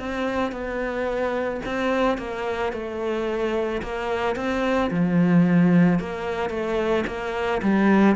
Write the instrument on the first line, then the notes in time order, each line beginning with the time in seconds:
cello
0.00 C4
0.52 B3
1.66 C4
2.18 A#3
2.73 A3
3.83 A#3
4.36 C4
4.91 F3
6.00 A#3
6.50 A3
7.07 A#3
7.63 G3